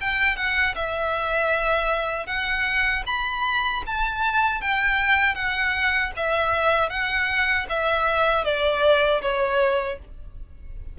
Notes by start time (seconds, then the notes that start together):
0.00 G5
0.36 F#5
0.75 E5
2.26 F#5
3.06 B5
3.86 A5
4.61 G5
5.34 F#5
6.16 E5
6.89 F#5
7.69 E5
8.44 D5
9.21 C#5